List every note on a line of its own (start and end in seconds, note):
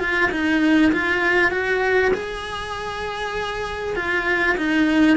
0.00 0.30 F4
0.31 0.92 D#4
0.92 1.51 F4
1.51 2.12 F#4
2.14 3.96 G#4
3.96 4.56 F4
4.57 5.17 D#4